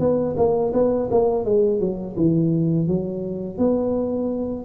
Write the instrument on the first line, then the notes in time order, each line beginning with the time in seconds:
tuba
0.00 B3
0.37 A#3
0.74 B3
1.11 A#3
1.45 G#3
1.80 F#3
2.17 E3
2.88 F#3
3.58 B3